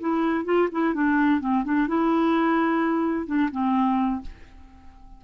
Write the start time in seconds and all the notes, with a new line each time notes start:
0.00 E4
0.45 F4
0.71 E4
0.94 D4
1.40 C4
1.64 D4
1.87 E4
3.26 D4
3.51 C4